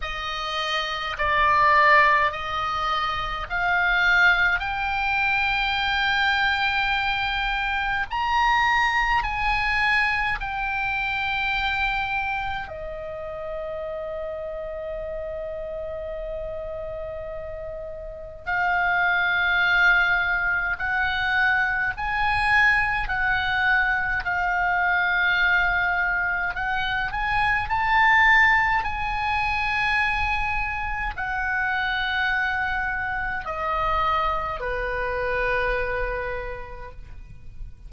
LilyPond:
\new Staff \with { instrumentName = "oboe" } { \time 4/4 \tempo 4 = 52 dis''4 d''4 dis''4 f''4 | g''2. ais''4 | gis''4 g''2 dis''4~ | dis''1 |
f''2 fis''4 gis''4 | fis''4 f''2 fis''8 gis''8 | a''4 gis''2 fis''4~ | fis''4 dis''4 b'2 | }